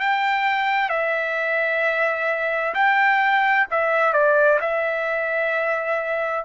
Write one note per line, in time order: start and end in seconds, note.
0.00 0.89 G5
0.89 2.74 E5
2.74 3.67 G5
3.71 4.13 E5
4.13 4.59 D5
4.61 6.45 E5